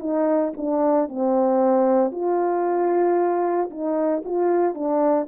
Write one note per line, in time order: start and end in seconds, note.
0.00 0.53 D#4
0.57 1.09 D4
1.09 2.11 C4
2.11 3.69 F4
3.70 4.23 D#4
4.25 4.75 F4
4.75 5.27 D4